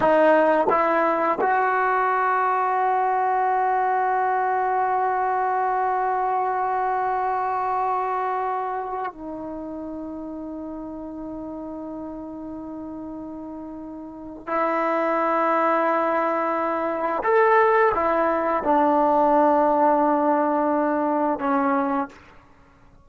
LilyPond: \new Staff \with { instrumentName = "trombone" } { \time 4/4 \tempo 4 = 87 dis'4 e'4 fis'2~ | fis'1~ | fis'1~ | fis'4~ fis'16 dis'2~ dis'8.~ |
dis'1~ | dis'4 e'2.~ | e'4 a'4 e'4 d'4~ | d'2. cis'4 | }